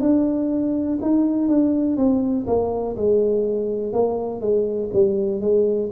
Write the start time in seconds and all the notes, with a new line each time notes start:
0.00 D4
1.01 D#4
1.48 D4
1.97 C4
2.46 A#3
2.96 G#3
3.93 A#3
4.40 G#3
4.93 G3
5.41 G#3